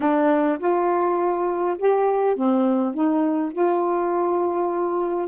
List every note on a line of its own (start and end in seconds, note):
0.00 0.58 D4
0.59 1.76 F4
1.78 2.35 G4
2.35 2.94 C4
2.94 3.52 D#4
3.52 5.28 F4